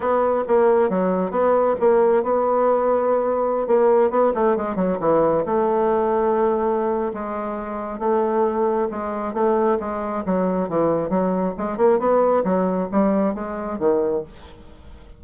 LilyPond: \new Staff \with { instrumentName = "bassoon" } { \time 4/4 \tempo 4 = 135 b4 ais4 fis4 b4 | ais4 b2.~ | b16 ais4 b8 a8 gis8 fis8 e8.~ | e16 a2.~ a8. |
gis2 a2 | gis4 a4 gis4 fis4 | e4 fis4 gis8 ais8 b4 | fis4 g4 gis4 dis4 | }